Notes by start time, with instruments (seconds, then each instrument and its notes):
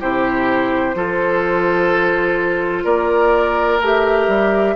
0.00 bassoon C3, clarinet E4, oboe G4, flute C5
0.94 bassoon F3, clarinet F4, oboe A4
2.84 bassoon A#3, oboe A#4, flute D5
3.80 bassoon A3, clarinet G4, flute E5
4.28 bassoon G3